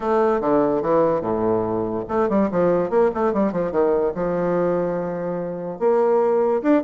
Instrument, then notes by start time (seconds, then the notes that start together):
bassoon
0.00 A3
0.40 D3
0.82 E3
1.21 A2
2.08 A3
2.29 G3
2.51 F3
2.90 A#3
3.14 A3
3.33 G3
3.52 F3
3.71 D#3
4.14 F3
5.79 A#3
6.62 D4